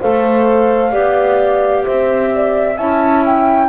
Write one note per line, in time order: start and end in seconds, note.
0.00 0.93 A3
0.00 0.92 A4
0.00 0.92 C5
0.00 1.85 F5
0.92 1.85 B3
0.92 2.76 G4
0.92 1.84 D5
1.85 2.78 C4
1.85 2.31 C5
1.85 2.77 E5
2.34 2.76 D5
2.76 3.68 C#4
2.76 3.68 E4
2.76 3.68 E5
2.76 3.24 A5
3.25 3.68 G5